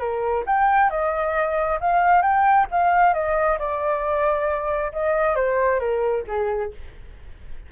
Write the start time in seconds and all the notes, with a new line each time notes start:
0.00 A#4
0.47 G5
0.90 D#5
1.81 F5
2.23 G5
2.72 F5
3.14 D#5
3.59 D5
4.93 D#5
5.36 C5
5.80 A#4
6.28 G#4